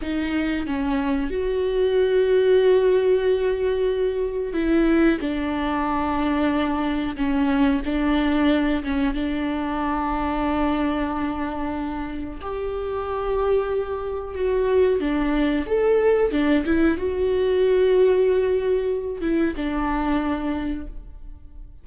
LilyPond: \new Staff \with { instrumentName = "viola" } { \time 4/4 \tempo 4 = 92 dis'4 cis'4 fis'2~ | fis'2. e'4 | d'2. cis'4 | d'4. cis'8 d'2~ |
d'2. g'4~ | g'2 fis'4 d'4 | a'4 d'8 e'8 fis'2~ | fis'4. e'8 d'2 | }